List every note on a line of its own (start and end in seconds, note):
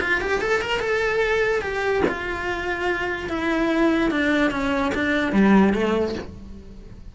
0.00 0.20 F4
0.20 0.41 G4
0.41 0.61 A4
0.61 0.79 A#4
0.79 1.61 A4
1.61 2.02 G4
2.08 3.29 F4
3.29 4.10 E4
4.10 4.51 D4
4.51 4.92 C#4
4.94 5.32 D4
5.32 5.73 G3
5.73 6.14 A3